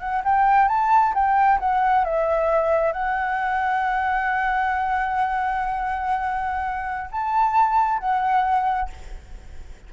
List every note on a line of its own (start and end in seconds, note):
0.00 0.23 F#5
0.24 0.68 G5
0.68 1.13 A5
1.14 1.59 G5
1.60 2.05 F#5
2.05 2.93 E5
2.93 7.10 F#5
7.12 7.99 A5
7.99 8.90 F#5